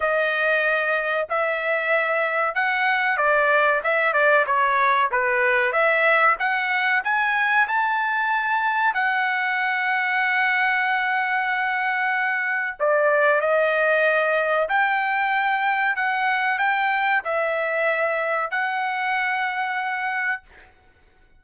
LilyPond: \new Staff \with { instrumentName = "trumpet" } { \time 4/4 \tempo 4 = 94 dis''2 e''2 | fis''4 d''4 e''8 d''8 cis''4 | b'4 e''4 fis''4 gis''4 | a''2 fis''2~ |
fis''1 | d''4 dis''2 g''4~ | g''4 fis''4 g''4 e''4~ | e''4 fis''2. | }